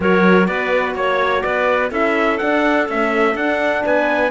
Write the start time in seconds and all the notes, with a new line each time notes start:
0.00 F#3 F#4 A#4 C#5
0.46 B3 B4 D5
0.94 A#3 C#5
1.41 B3 B4 D5
1.90 C#4 E4 A4 E5
2.38 D4 F#5
2.88 A3 C#4 E5
3.35 D4 F#5
3.84 B3 B4 G#5